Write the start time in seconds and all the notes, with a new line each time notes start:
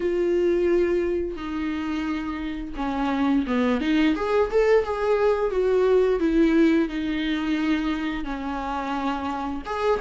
0.00 F4
1.36 D#4
2.76 C#4
3.46 B3
3.81 D#4
4.15 G#4
4.50 A4
4.84 G#4
5.50 F#4
6.19 E4
6.88 D#4
8.24 C#4
9.65 G#4